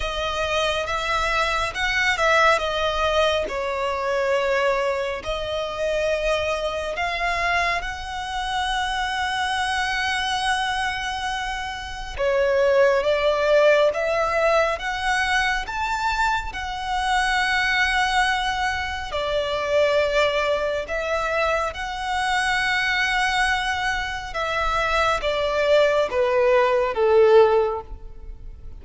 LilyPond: \new Staff \with { instrumentName = "violin" } { \time 4/4 \tempo 4 = 69 dis''4 e''4 fis''8 e''8 dis''4 | cis''2 dis''2 | f''4 fis''2.~ | fis''2 cis''4 d''4 |
e''4 fis''4 a''4 fis''4~ | fis''2 d''2 | e''4 fis''2. | e''4 d''4 b'4 a'4 | }